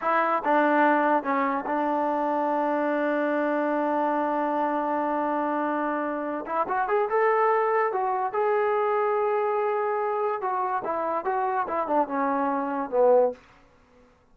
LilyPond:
\new Staff \with { instrumentName = "trombone" } { \time 4/4 \tempo 4 = 144 e'4 d'2 cis'4 | d'1~ | d'1~ | d'2.~ d'8 e'8 |
fis'8 gis'8 a'2 fis'4 | gis'1~ | gis'4 fis'4 e'4 fis'4 | e'8 d'8 cis'2 b4 | }